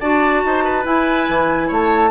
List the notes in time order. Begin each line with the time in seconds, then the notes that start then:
0.00 D4 F#4 D5 A5
0.44 D#4 C5
0.64 B4
0.85 E4 G#5
1.29 E3
1.68 A3 C#5 A5